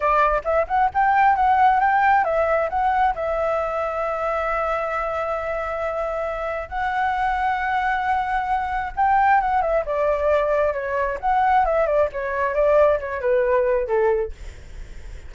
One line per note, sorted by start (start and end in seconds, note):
0.00 0.42 D5
0.44 0.66 E5
0.67 0.90 F#5
0.93 1.35 G5
1.35 1.80 F#5
1.80 2.24 G5
2.24 2.69 E5
2.69 3.14 F#5
3.14 6.68 E5
6.68 8.92 F#5
8.96 9.40 G5
9.41 9.61 F#5
9.61 9.84 E5
9.85 10.73 D5
10.73 11.18 C#5
11.20 11.65 F#5
11.65 11.86 E5
11.86 12.08 D5
12.12 12.54 C#5
12.54 12.99 D5
12.99 13.20 C#5
13.20 13.87 B4
13.87 14.32 A4